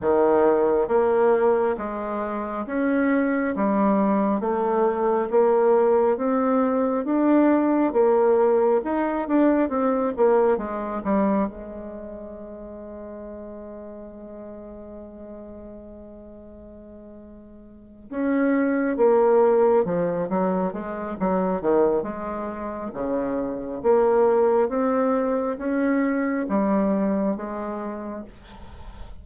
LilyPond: \new Staff \with { instrumentName = "bassoon" } { \time 4/4 \tempo 4 = 68 dis4 ais4 gis4 cis'4 | g4 a4 ais4 c'4 | d'4 ais4 dis'8 d'8 c'8 ais8 | gis8 g8 gis2.~ |
gis1~ | gis8 cis'4 ais4 f8 fis8 gis8 | fis8 dis8 gis4 cis4 ais4 | c'4 cis'4 g4 gis4 | }